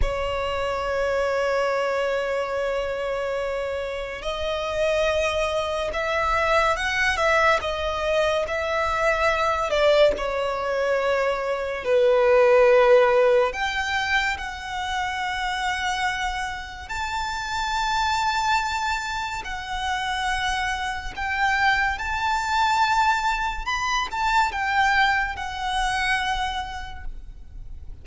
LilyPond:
\new Staff \with { instrumentName = "violin" } { \time 4/4 \tempo 4 = 71 cis''1~ | cis''4 dis''2 e''4 | fis''8 e''8 dis''4 e''4. d''8 | cis''2 b'2 |
g''4 fis''2. | a''2. fis''4~ | fis''4 g''4 a''2 | b''8 a''8 g''4 fis''2 | }